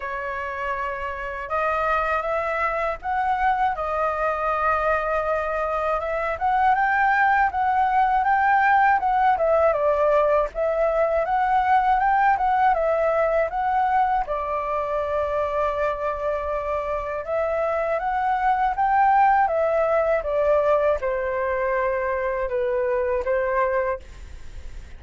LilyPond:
\new Staff \with { instrumentName = "flute" } { \time 4/4 \tempo 4 = 80 cis''2 dis''4 e''4 | fis''4 dis''2. | e''8 fis''8 g''4 fis''4 g''4 | fis''8 e''8 d''4 e''4 fis''4 |
g''8 fis''8 e''4 fis''4 d''4~ | d''2. e''4 | fis''4 g''4 e''4 d''4 | c''2 b'4 c''4 | }